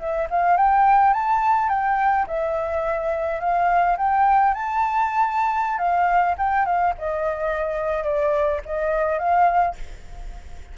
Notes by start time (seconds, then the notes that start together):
0.00 E5
0.30 F5
0.57 G5
1.14 A5
1.70 G5
2.27 E5
3.40 F5
3.98 G5
4.55 A5
5.79 F5
6.38 G5
6.66 F5
6.99 D#5
8.05 D5
8.66 D#5
9.19 F5